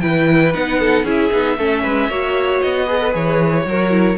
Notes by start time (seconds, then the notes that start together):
0.00 E3 E4 B4 G5
0.53 B3 D#4 F#5
0.79 A4
1.03 C#4 E4 G#4
1.09 E5
1.31 B3 D#4
1.57 A3 C#4 A4
1.83 G#3 B4
2.08 A#3 F#4 C#5
2.61 B3 D#5
2.85 G#4 B4
3.00 A4
3.10 E3 G#4 C#5
3.65 F#3 F#4 A#4
3.90 E4